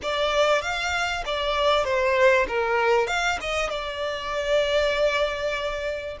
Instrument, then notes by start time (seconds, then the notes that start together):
violin
0.02 D5
0.61 F5
1.25 D5
1.84 C5
2.48 A#4
3.07 F5
3.40 D#5
3.70 D5